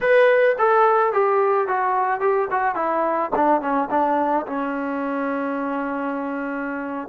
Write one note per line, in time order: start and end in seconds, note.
0.00 0.56 B4
0.58 1.12 A4
1.12 1.67 G4
1.67 2.20 F#4
2.20 2.48 G4
2.51 2.75 F#4
2.75 3.30 E4
3.35 3.61 D4
3.61 3.89 C#4
3.90 4.46 D4
4.46 7.08 C#4